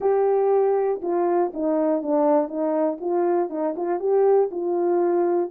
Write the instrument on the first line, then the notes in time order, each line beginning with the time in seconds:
horn
0.00 G4
1.02 F4
1.53 D#4
2.02 D4
2.48 D#4
3.00 F4
3.49 D#4
3.76 F4
3.99 G4
4.51 F4